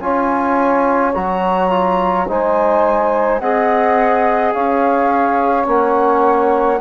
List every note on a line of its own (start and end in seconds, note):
0.00 1.14 C#4
0.00 1.13 F4
0.00 2.28 C#5
0.00 1.13 G#5
1.15 2.29 F#3
1.15 1.70 F#4
1.15 2.28 A#5
1.70 2.27 F4
2.28 3.40 G#3
2.28 3.42 D#4
2.28 3.41 C5
2.28 3.40 G#5
3.40 4.54 C4
3.40 5.65 G#4
3.40 4.54 D#5
3.40 4.53 F#5
4.53 5.67 C#4
4.53 6.80 C#5
4.53 5.67 F5
5.65 6.81 A#3
5.65 6.78 C#4
5.65 6.81 F#5